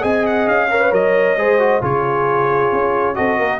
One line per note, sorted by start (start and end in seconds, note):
0.00 0.47 C4
0.00 0.67 G#4
0.00 0.68 D#5
0.00 0.25 G#5
0.26 0.48 F#5
0.47 0.92 C#4
0.47 0.93 F5
0.70 0.81 A#4
0.70 1.38 C#5
0.81 0.92 B4
0.92 1.36 F#3
0.92 1.36 A#4
0.92 1.83 D#5
1.36 1.81 G#3
1.36 1.58 G#4
1.36 1.81 C5
1.58 1.81 F#4
1.81 2.71 C#3
1.81 3.15 F4
1.81 3.15 G#4
1.81 3.15 C#5
2.72 3.17 C#4
3.15 3.39 C4
3.15 3.59 F#4
3.15 3.38 A4
3.15 3.59 D#5
3.38 3.59 A#3
3.38 3.59 A#4